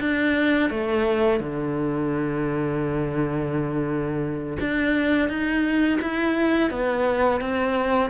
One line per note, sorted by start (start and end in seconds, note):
0.00 0.70 D4
0.70 1.40 A3
1.40 4.58 D3
4.60 5.29 D4
5.29 5.99 D#4
6.01 6.70 E4
6.70 7.41 B3
7.41 8.10 C4